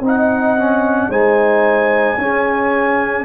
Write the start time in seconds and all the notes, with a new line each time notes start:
0.00 C4 D#4
0.06 D#5 F#5
0.58 C#4
1.09 G#3 D#4 C5 G#5
2.17 C#4 G#4